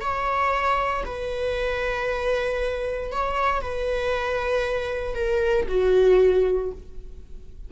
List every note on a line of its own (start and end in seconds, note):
0.00 1.03 C#5
1.05 3.12 B4
3.12 3.61 C#5
3.61 5.14 B4
5.14 5.66 A#4
5.68 6.71 F#4